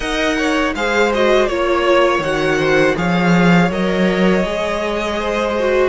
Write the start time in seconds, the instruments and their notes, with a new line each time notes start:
0.00 cello D#4, viola A#4, violin D#5 F#5
0.37 violin C#5
0.74 cello G#3, viola G#4, violin C5 F5
1.13 viola F#4, violin D#5
1.46 cello A#3, viola F4, violin C#5
2.19 cello D#3, viola F#4, violin F#5
2.58 violin C5
2.96 cello F3, viola G#4, violin C#5 F5
3.70 cello F#3, viola A#4, violin D#5
4.43 cello G#3, viola G#4
5.19 violin C5
5.59 viola F#4